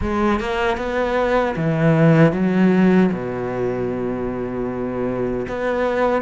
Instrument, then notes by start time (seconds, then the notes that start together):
cello
0.01 G#3
0.40 A#3
0.77 B3
1.56 E3
2.32 F#3
3.12 B2
5.48 B3